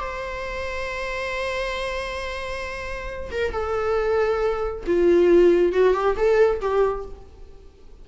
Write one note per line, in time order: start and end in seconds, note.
0.00 3.31 C5
3.32 3.52 A#4
3.52 4.84 A4
4.86 5.73 F4
5.73 5.94 F#4
5.94 6.16 G4
6.17 6.61 A4
6.61 7.05 G4